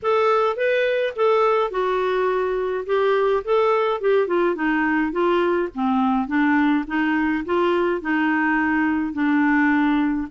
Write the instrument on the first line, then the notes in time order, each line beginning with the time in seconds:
clarinet
0.02 A4
0.56 B4
1.16 A4
1.70 F#4
2.86 G4
3.44 A4
4.01 G4
4.27 F4
4.55 D#4
5.11 F4
5.74 C4
6.27 D4
6.87 D#4
7.45 F4
8.01 D#4
9.13 D4